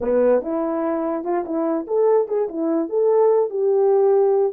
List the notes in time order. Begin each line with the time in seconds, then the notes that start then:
0.00 B3
0.42 E4
1.23 F4
1.45 E4
1.87 A4
2.28 G#4
2.49 E4
2.89 A4
3.50 G4